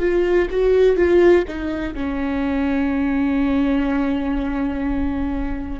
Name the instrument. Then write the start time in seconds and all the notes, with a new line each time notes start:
viola
0.00 F4
0.51 F#4
0.96 F4
1.48 D#4
1.95 C#4